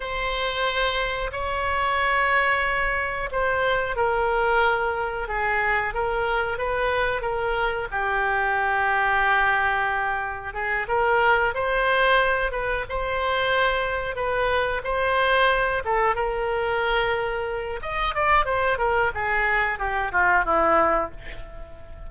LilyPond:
\new Staff \with { instrumentName = "oboe" } { \time 4/4 \tempo 4 = 91 c''2 cis''2~ | cis''4 c''4 ais'2 | gis'4 ais'4 b'4 ais'4 | g'1 |
gis'8 ais'4 c''4. b'8 c''8~ | c''4. b'4 c''4. | a'8 ais'2~ ais'8 dis''8 d''8 | c''8 ais'8 gis'4 g'8 f'8 e'4 | }